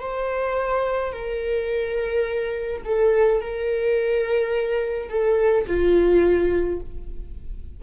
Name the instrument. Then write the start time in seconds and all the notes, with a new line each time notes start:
viola
0.00 C5
1.12 A#4
2.84 A4
3.41 A#4
5.09 A4
5.67 F4